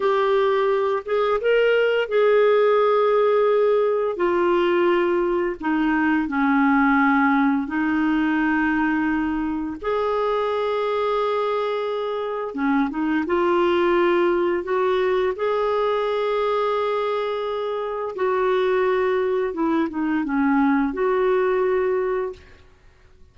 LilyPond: \new Staff \with { instrumentName = "clarinet" } { \time 4/4 \tempo 4 = 86 g'4. gis'8 ais'4 gis'4~ | gis'2 f'2 | dis'4 cis'2 dis'4~ | dis'2 gis'2~ |
gis'2 cis'8 dis'8 f'4~ | f'4 fis'4 gis'2~ | gis'2 fis'2 | e'8 dis'8 cis'4 fis'2 | }